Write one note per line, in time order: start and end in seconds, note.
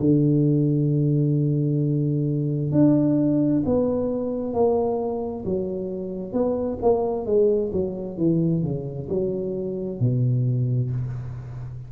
0.00 2.72 D3
2.72 3.63 D4
3.65 4.53 B3
4.53 5.44 A#3
5.45 6.33 F#3
6.33 6.78 B3
6.82 7.26 A#3
7.26 7.71 G#3
7.72 8.17 F#3
8.17 8.63 E3
8.63 9.08 C#3
9.09 10.00 F#3
10.00 10.90 B2